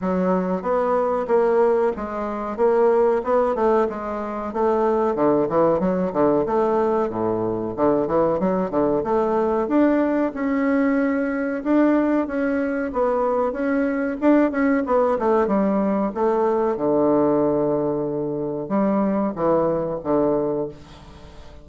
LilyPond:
\new Staff \with { instrumentName = "bassoon" } { \time 4/4 \tempo 4 = 93 fis4 b4 ais4 gis4 | ais4 b8 a8 gis4 a4 | d8 e8 fis8 d8 a4 a,4 | d8 e8 fis8 d8 a4 d'4 |
cis'2 d'4 cis'4 | b4 cis'4 d'8 cis'8 b8 a8 | g4 a4 d2~ | d4 g4 e4 d4 | }